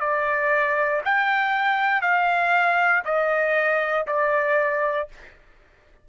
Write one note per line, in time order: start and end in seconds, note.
0.00 1.02 D5
1.04 2.02 G5
2.02 3.03 F5
3.05 4.06 D#5
4.07 5.08 D5